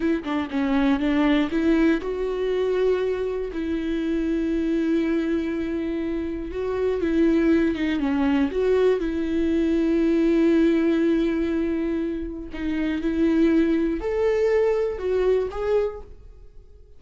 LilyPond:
\new Staff \with { instrumentName = "viola" } { \time 4/4 \tempo 4 = 120 e'8 d'8 cis'4 d'4 e'4 | fis'2. e'4~ | e'1~ | e'4 fis'4 e'4. dis'8 |
cis'4 fis'4 e'2~ | e'1~ | e'4 dis'4 e'2 | a'2 fis'4 gis'4 | }